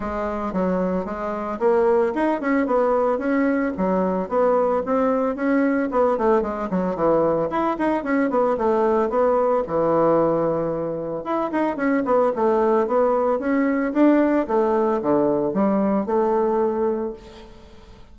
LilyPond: \new Staff \with { instrumentName = "bassoon" } { \time 4/4 \tempo 4 = 112 gis4 fis4 gis4 ais4 | dis'8 cis'8 b4 cis'4 fis4 | b4 c'4 cis'4 b8 a8 | gis8 fis8 e4 e'8 dis'8 cis'8 b8 |
a4 b4 e2~ | e4 e'8 dis'8 cis'8 b8 a4 | b4 cis'4 d'4 a4 | d4 g4 a2 | }